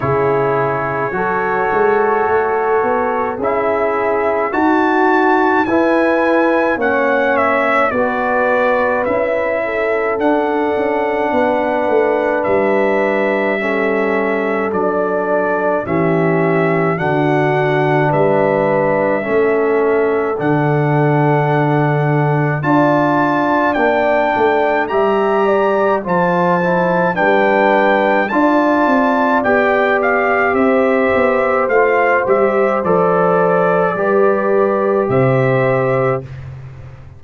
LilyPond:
<<
  \new Staff \with { instrumentName = "trumpet" } { \time 4/4 \tempo 4 = 53 cis''2. e''4 | a''4 gis''4 fis''8 e''8 d''4 | e''4 fis''2 e''4~ | e''4 d''4 e''4 fis''4 |
e''2 fis''2 | a''4 g''4 ais''4 a''4 | g''4 a''4 g''8 f''8 e''4 | f''8 e''8 d''2 e''4 | }
  \new Staff \with { instrumentName = "horn" } { \time 4/4 gis'4 a'2 gis'4 | fis'4 b'4 cis''4 b'4~ | b'8 a'4. b'2 | a'2 g'4 fis'4 |
b'4 a'2. | d''2 e''8 d''8 c''4 | b'4 d''2 c''4~ | c''2 b'4 c''4 | }
  \new Staff \with { instrumentName = "trombone" } { \time 4/4 e'4 fis'2 e'4 | fis'4 e'4 cis'4 fis'4 | e'4 d'2. | cis'4 d'4 cis'4 d'4~ |
d'4 cis'4 d'2 | f'4 d'4 g'4 f'8 e'8 | d'4 f'4 g'2 | f'8 g'8 a'4 g'2 | }
  \new Staff \with { instrumentName = "tuba" } { \time 4/4 cis4 fis8 gis8 a8 b8 cis'4 | dis'4 e'4 ais4 b4 | cis'4 d'8 cis'8 b8 a8 g4~ | g4 fis4 e4 d4 |
g4 a4 d2 | d'4 ais8 a8 g4 f4 | g4 d'8 c'8 b4 c'8 b8 | a8 g8 f4 g4 c4 | }
>>